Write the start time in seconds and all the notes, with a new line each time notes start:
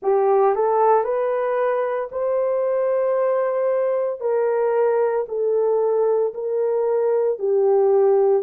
0.02 G4
0.55 A4
1.04 B4
2.11 C5
4.20 A#4
5.28 A4
6.33 A#4
7.38 G4